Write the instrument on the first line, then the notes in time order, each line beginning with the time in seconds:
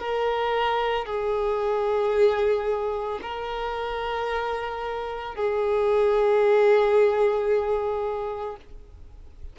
violin
0.00 A#4
1.06 G#4
3.22 A#4
5.35 G#4